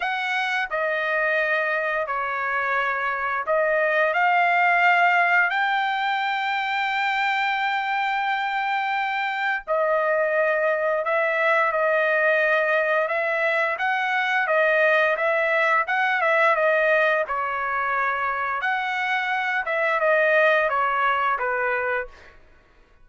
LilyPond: \new Staff \with { instrumentName = "trumpet" } { \time 4/4 \tempo 4 = 87 fis''4 dis''2 cis''4~ | cis''4 dis''4 f''2 | g''1~ | g''2 dis''2 |
e''4 dis''2 e''4 | fis''4 dis''4 e''4 fis''8 e''8 | dis''4 cis''2 fis''4~ | fis''8 e''8 dis''4 cis''4 b'4 | }